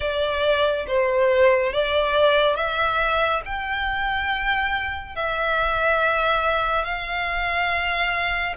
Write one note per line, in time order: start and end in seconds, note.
0.00 0.86 D5
0.87 1.72 C5
1.72 2.56 D5
2.56 3.41 E5
3.45 5.15 G5
5.15 6.84 E5
6.84 8.55 F5